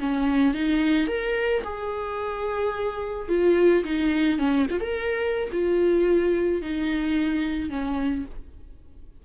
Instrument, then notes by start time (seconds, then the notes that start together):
viola
0.00 C#4
0.55 D#4
1.08 A#4
1.64 G#4
3.29 F4
3.85 D#4
4.39 C#4
4.71 F4
4.81 A#4
5.52 F4
6.62 D#4
7.70 C#4